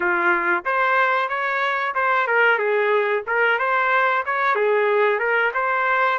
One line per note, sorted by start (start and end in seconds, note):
0.00 0.63 F4
0.65 1.29 C5
1.29 1.94 C#5
1.94 2.27 C5
2.27 2.58 A#4
2.58 3.23 G#4
3.26 3.59 A#4
3.59 4.24 C5
4.25 4.55 C#5
4.55 5.18 G#4
5.18 5.51 A#4
5.54 6.18 C5